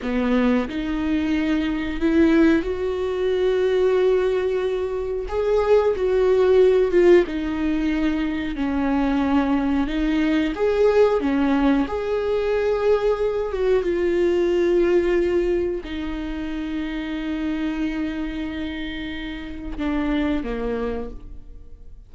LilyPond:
\new Staff \with { instrumentName = "viola" } { \time 4/4 \tempo 4 = 91 b4 dis'2 e'4 | fis'1 | gis'4 fis'4. f'8 dis'4~ | dis'4 cis'2 dis'4 |
gis'4 cis'4 gis'2~ | gis'8 fis'8 f'2. | dis'1~ | dis'2 d'4 ais4 | }